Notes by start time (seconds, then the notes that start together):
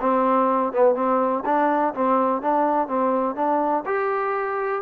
0.00 C4
0.72 B3
0.95 C4
1.45 D4
1.94 C4
2.41 D4
2.88 C4
3.35 D4
3.86 G4